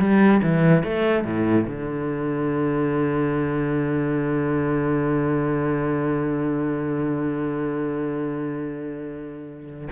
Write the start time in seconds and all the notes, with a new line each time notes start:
0.00 G3
0.43 E3
0.84 A3
1.25 A2
1.67 D3